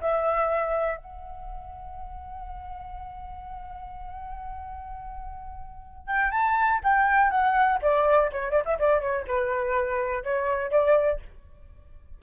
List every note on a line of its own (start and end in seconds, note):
0.00 0.97 E5
0.97 6.07 F#5
6.07 6.31 G5
6.31 6.80 A5
6.83 7.30 G5
7.30 7.79 F#5
7.82 8.30 D5
8.32 8.51 C#5
8.51 8.63 D5
8.65 8.77 E5
8.78 9.00 D5
9.00 9.25 C#5
9.27 10.23 B4
10.23 10.71 C#5
10.71 11.19 D5